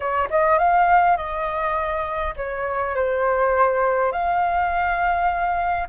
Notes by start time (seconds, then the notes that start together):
0.00 C#5
0.29 D#5
0.58 F5
1.17 D#5
2.36 C#5
2.95 C5
4.12 F5